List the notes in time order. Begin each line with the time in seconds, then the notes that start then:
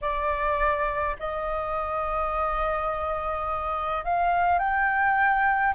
0.01 D5
1.19 D#5
4.04 F5
4.58 G5